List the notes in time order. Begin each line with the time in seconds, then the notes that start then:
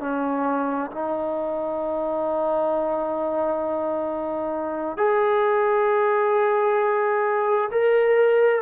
0.00 C#4
0.91 D#4
4.98 G#4
7.71 A#4